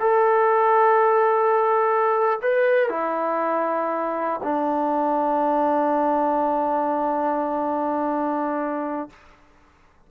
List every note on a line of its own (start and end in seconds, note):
0.00 2.39 A4
2.42 2.89 B4
2.89 4.40 E4
4.43 9.10 D4